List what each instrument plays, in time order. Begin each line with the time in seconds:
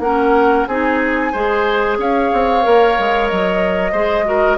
0.00 bassoon A#3, clarinet C#4, oboe A#4, flute F#5
0.67 bassoon C4, clarinet D#4, oboe G#4, flute G#5
1.33 bassoon G#3, clarinet G#4, oboe C5
1.99 bassoon C#4, oboe C#5, flute F5
2.33 bassoon C4
2.62 bassoon A#3, clarinet A#4
2.99 bassoon G#3
3.28 bassoon F#3, flute D#5
3.92 bassoon G#3, clarinet G#4, oboe C5
4.25 clarinet F#4, oboe A#4